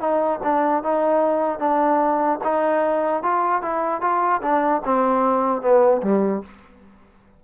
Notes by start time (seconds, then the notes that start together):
0.00 D#4
0.43 D4
0.83 D#4
1.59 D4
2.44 D#4
3.23 F4
3.62 E4
4.01 F4
4.42 D4
4.85 C4
5.61 B3
6.02 G3